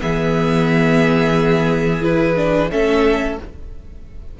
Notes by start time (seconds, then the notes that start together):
0.00 E3 B3 G#4 E5
2.01 E4 B4
2.35 D4
2.70 A3 C#4 A4 E5